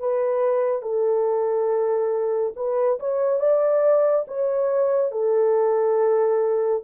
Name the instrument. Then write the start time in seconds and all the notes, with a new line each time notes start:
horn
0.00 B4
0.82 A4
2.56 B4
3.00 C#5
3.40 D5
4.28 C#5
5.12 A4